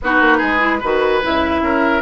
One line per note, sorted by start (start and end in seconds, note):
0.01 0.20 B3
0.01 0.59 D#4
0.01 0.37 F#4
0.01 1.23 B4
0.20 0.40 A#3
0.37 0.82 G#3
0.37 0.78 G#4
0.59 0.79 E4
0.80 1.22 D#3
0.80 1.22 F#4
0.80 1.61 B4
1.22 1.62 C#2
1.22 2.01 E4
1.22 2.01 E5
1.62 2.01 C#4
1.62 2.01 A#4